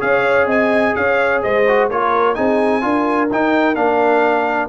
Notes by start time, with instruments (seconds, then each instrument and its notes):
0.00 tuba C#4, trombone G#4, horn C#5, trumpet F5
0.46 tuba C4, horn D#5, trumpet G#5
0.96 tuba C#4, horn C#5, trumpet F5
1.43 tuba G#3, horn C5, trumpet D#5
1.68 trombone F#4
1.90 tuba A#3, trombone F4, horn A#4, trumpet C#5
2.35 tuba C4, trombone D#4, horn G#4, trumpet G#5
2.82 tuba D4, trombone F4, horn A#4
3.31 tuba D#4, trombone D#4, trumpet G5
3.76 tuba A#3, trombone D4, trumpet F5